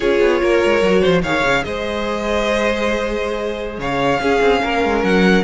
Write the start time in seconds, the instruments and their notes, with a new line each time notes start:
0.00 cello C#4, viola F4, violin G#4 C#5
0.20 cello B3
0.42 cello A#3, violin A#4
0.64 cello G#3
0.82 cello F#3, viola F#4
1.01 cello F3, violin C5
1.22 cello D#3, viola G#4, violin C#5 F5
1.44 cello C#3
1.64 cello G#3, violin C5 D#5
3.78 cello C#3, violin C#5 F5
4.19 cello C#4, viola C#4, violin G#4
4.41 cello C4
4.62 cello A#3, violin A#4
4.84 cello G#3
5.03 cello F#3, violin F#5